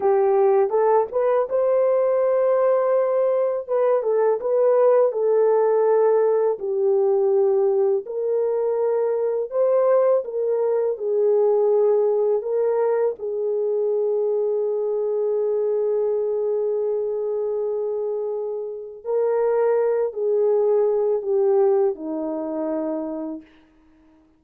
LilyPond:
\new Staff \with { instrumentName = "horn" } { \time 4/4 \tempo 4 = 82 g'4 a'8 b'8 c''2~ | c''4 b'8 a'8 b'4 a'4~ | a'4 g'2 ais'4~ | ais'4 c''4 ais'4 gis'4~ |
gis'4 ais'4 gis'2~ | gis'1~ | gis'2 ais'4. gis'8~ | gis'4 g'4 dis'2 | }